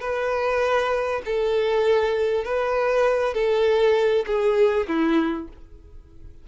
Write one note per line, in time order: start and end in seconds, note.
0.00 1.21 B4
1.25 2.44 A4
2.44 3.34 B4
3.34 4.25 A4
4.26 4.87 G#4
4.87 5.48 E4